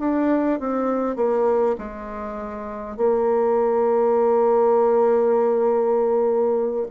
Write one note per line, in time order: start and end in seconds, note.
0.00 0.60 D4
0.60 1.16 C4
1.16 1.76 A#3
1.79 2.97 G#3
2.97 6.87 A#3